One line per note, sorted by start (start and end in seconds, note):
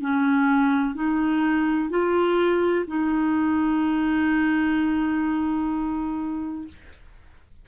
0.00 0.94 C#4
0.94 1.89 D#4
1.89 2.84 F4
2.87 6.68 D#4